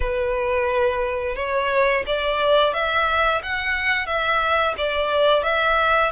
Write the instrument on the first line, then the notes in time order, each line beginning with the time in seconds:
violin
0.00 B4
1.35 C#5
2.06 D5
2.73 E5
3.42 F#5
4.06 E5
4.77 D5
5.43 E5